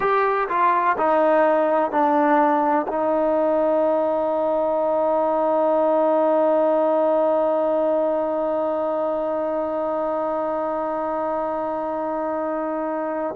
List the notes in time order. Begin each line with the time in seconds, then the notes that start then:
0.00 G4
0.48 F4
0.97 D#4
1.90 D4
2.87 D#4